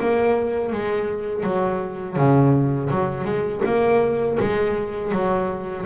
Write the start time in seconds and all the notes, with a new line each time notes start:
0.00 A#3
0.72 G#3
1.43 F#3
2.17 C#3
2.90 F#3
3.25 G#3
3.65 A#3
4.40 G#3
5.12 F#3